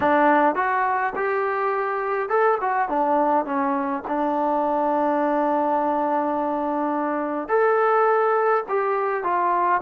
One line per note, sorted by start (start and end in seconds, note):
0.00 0.55 D4
0.55 1.12 F#4
1.15 2.29 G4
2.29 2.58 A4
2.60 2.88 F#4
2.88 3.45 D4
3.45 4.03 C#4
4.07 7.48 D4
7.48 8.64 A4
8.68 9.23 G4
9.23 9.81 F4